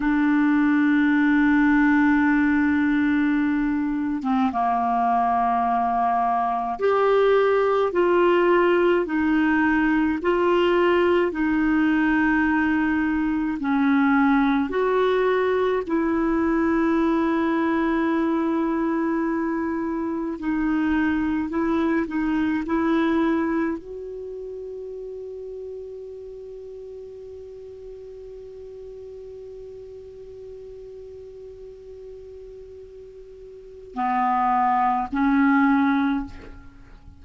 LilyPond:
\new Staff \with { instrumentName = "clarinet" } { \time 4/4 \tempo 4 = 53 d'2.~ d'8. c'16 | ais2 g'4 f'4 | dis'4 f'4 dis'2 | cis'4 fis'4 e'2~ |
e'2 dis'4 e'8 dis'8 | e'4 fis'2.~ | fis'1~ | fis'2 b4 cis'4 | }